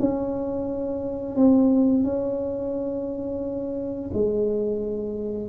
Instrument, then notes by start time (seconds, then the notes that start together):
tuba
0.00 C#4
1.36 C4
2.04 C#4
4.14 G#3